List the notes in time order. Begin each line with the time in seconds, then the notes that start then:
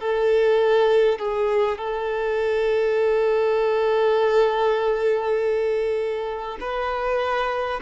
0.00 A4
1.19 G#4
1.78 A4
6.61 B4